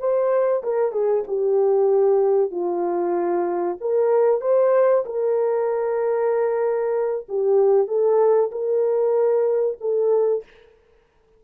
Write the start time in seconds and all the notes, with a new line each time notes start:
0.00 C5
0.64 A#4
0.92 G#4
1.28 G4
2.52 F4
3.81 A#4
4.42 C5
5.06 A#4
7.29 G4
7.88 A4
8.52 A#4
9.81 A4